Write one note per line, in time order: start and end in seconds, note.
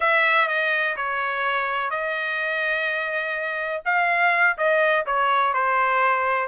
0.00 0.48 E5
0.48 0.96 D#5
0.96 1.90 C#5
1.90 3.82 D#5
3.85 4.57 F5
4.57 5.05 D#5
5.06 5.53 C#5
5.53 6.47 C5